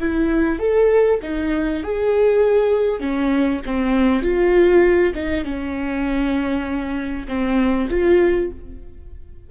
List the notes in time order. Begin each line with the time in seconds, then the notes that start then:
0.00 E4
0.59 A4
1.23 D#4
1.83 G#4
3.00 C#4
3.66 C4
4.23 F4
5.15 D#4
5.45 C#4
7.28 C4
7.90 F4